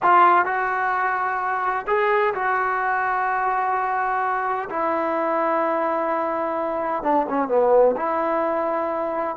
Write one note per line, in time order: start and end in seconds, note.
0.02 0.45 F4
0.45 1.86 F#4
1.87 2.34 G#4
2.34 4.69 F#4
4.69 7.03 E4
7.03 7.26 D4
7.29 7.48 C#4
7.48 7.95 B3
7.96 9.36 E4